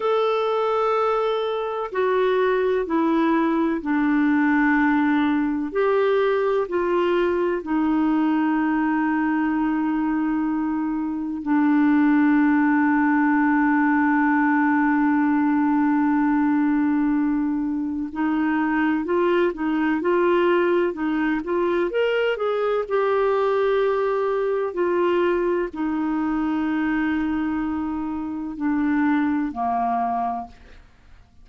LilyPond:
\new Staff \with { instrumentName = "clarinet" } { \time 4/4 \tempo 4 = 63 a'2 fis'4 e'4 | d'2 g'4 f'4 | dis'1 | d'1~ |
d'2. dis'4 | f'8 dis'8 f'4 dis'8 f'8 ais'8 gis'8 | g'2 f'4 dis'4~ | dis'2 d'4 ais4 | }